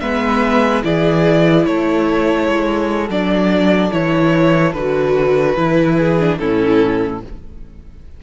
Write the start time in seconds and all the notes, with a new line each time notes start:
0.00 G#3 B3 B4 E5
0.83 E3 E4 G#4 D5
1.65 A3 A4 C#5
2.48 G#3
3.09 F#3 D4 D5
3.91 E3 E4 C#5
4.73 D3 F#4 B4
5.57 E3 E4
5.98 G#4
6.20 D4
6.39 A2 C#4 E4 A4